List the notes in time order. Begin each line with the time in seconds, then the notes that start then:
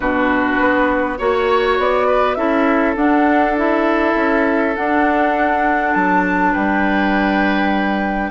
0.00 B2 D4 F#4 B4
0.59 B3
1.18 A#3 F#4 C#5
1.78 B3 D5
2.07 B4
2.34 C#4 E4 A4 E5
2.96 D4 F#5
3.56 E4 E5
4.15 C#4
4.75 D4 F#5
5.93 F#3 A5
6.51 G3 B4 G5